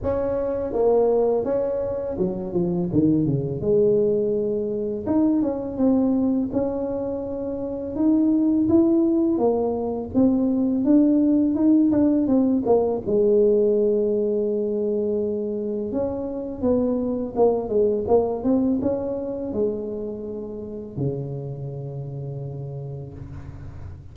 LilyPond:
\new Staff \with { instrumentName = "tuba" } { \time 4/4 \tempo 4 = 83 cis'4 ais4 cis'4 fis8 f8 | dis8 cis8 gis2 dis'8 cis'8 | c'4 cis'2 dis'4 | e'4 ais4 c'4 d'4 |
dis'8 d'8 c'8 ais8 gis2~ | gis2 cis'4 b4 | ais8 gis8 ais8 c'8 cis'4 gis4~ | gis4 cis2. | }